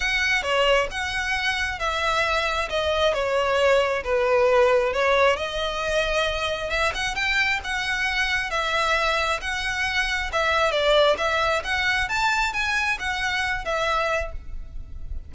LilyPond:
\new Staff \with { instrumentName = "violin" } { \time 4/4 \tempo 4 = 134 fis''4 cis''4 fis''2 | e''2 dis''4 cis''4~ | cis''4 b'2 cis''4 | dis''2. e''8 fis''8 |
g''4 fis''2 e''4~ | e''4 fis''2 e''4 | d''4 e''4 fis''4 a''4 | gis''4 fis''4. e''4. | }